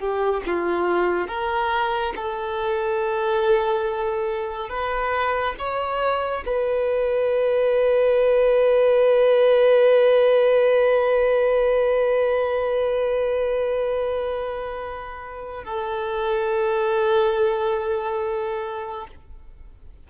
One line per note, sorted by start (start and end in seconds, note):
0.00 0.43 G4
0.47 1.28 F4
1.28 2.14 A#4
2.16 4.70 A4
4.70 5.56 B4
5.59 6.44 C#5
6.46 15.65 B4
15.65 19.08 A4